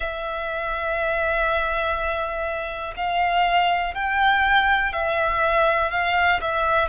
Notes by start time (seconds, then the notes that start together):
0.00 E5
2.96 F5
3.94 G5
4.92 E5
5.90 F5
6.41 E5